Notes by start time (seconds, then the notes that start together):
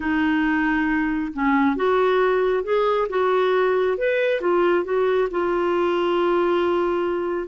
0.00 D#4
1.33 C#4
1.75 F#4
2.63 G#4
3.09 F#4
3.97 B4
4.40 F4
4.84 F#4
5.30 F4